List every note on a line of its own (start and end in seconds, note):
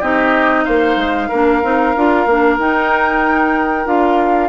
0.00 0.66 C4
0.00 1.31 D#4
0.00 0.65 G4
0.00 0.64 D#5
0.64 0.96 A#3
0.64 1.28 C5
0.64 2.58 F5
0.96 1.28 G#3
1.28 1.63 A#3
1.28 1.63 D4
1.28 4.49 A#4
1.63 1.95 C4
1.63 1.95 D#4
1.96 2.26 D4
1.96 2.28 F4
2.26 2.58 A#3
2.26 2.59 D4
2.58 3.86 D#4
2.58 3.85 D#4
2.58 3.87 G5
3.85 4.49 D4
3.85 4.49 F4
3.85 4.49 F5